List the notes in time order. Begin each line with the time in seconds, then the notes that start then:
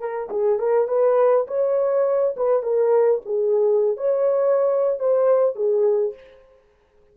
0.00 A#4
0.30 G#4
0.59 A#4
0.88 B4
1.47 C#5
2.37 B4
2.63 A#4
3.25 G#4
3.97 C#5
4.99 C5
5.56 G#4